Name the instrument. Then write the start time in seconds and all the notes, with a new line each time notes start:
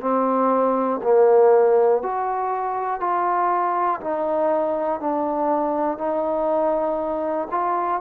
trombone
0.00 C4
1.03 A#3
2.02 F#4
3.00 F4
4.00 D#4
5.00 D4
5.97 D#4
7.50 F4